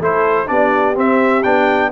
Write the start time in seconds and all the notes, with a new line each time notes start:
0.00 A3 E4 A4 C5
0.47 B3 D4 G4 D5
0.95 C4 E5
1.43 B3 D4 G5